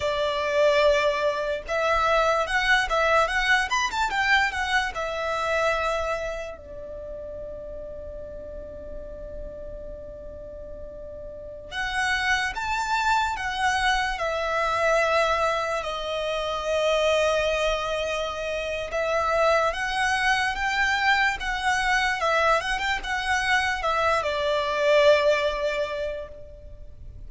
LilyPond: \new Staff \with { instrumentName = "violin" } { \time 4/4 \tempo 4 = 73 d''2 e''4 fis''8 e''8 | fis''8 b''16 a''16 g''8 fis''8 e''2 | d''1~ | d''2~ d''16 fis''4 a''8.~ |
a''16 fis''4 e''2 dis''8.~ | dis''2. e''4 | fis''4 g''4 fis''4 e''8 fis''16 g''16 | fis''4 e''8 d''2~ d''8 | }